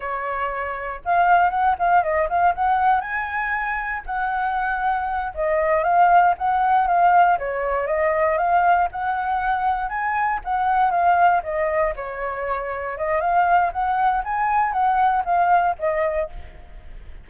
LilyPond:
\new Staff \with { instrumentName = "flute" } { \time 4/4 \tempo 4 = 118 cis''2 f''4 fis''8 f''8 | dis''8 f''8 fis''4 gis''2 | fis''2~ fis''8 dis''4 f''8~ | f''8 fis''4 f''4 cis''4 dis''8~ |
dis''8 f''4 fis''2 gis''8~ | gis''8 fis''4 f''4 dis''4 cis''8~ | cis''4. dis''8 f''4 fis''4 | gis''4 fis''4 f''4 dis''4 | }